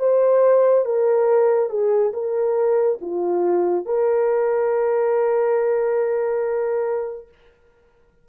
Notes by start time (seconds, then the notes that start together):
0.00 C5
0.86 A#4
1.70 G#4
2.14 A#4
3.02 F4
3.86 A#4